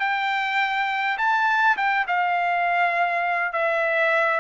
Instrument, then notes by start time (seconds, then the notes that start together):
trumpet
0.00 G5
1.18 A5
1.77 G5
2.08 F5
3.53 E5